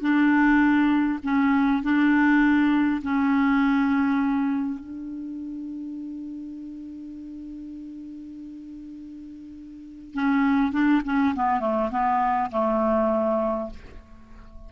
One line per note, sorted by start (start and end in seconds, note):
0.00 1.19 D4
1.23 1.83 C#4
1.83 3.02 D4
3.02 4.80 C#4
4.80 10.14 D4
10.14 10.72 C#4
10.72 11.02 D4
11.05 11.34 C#4
11.35 11.60 B3
11.60 11.90 A3
11.91 12.50 B3
12.51 13.70 A3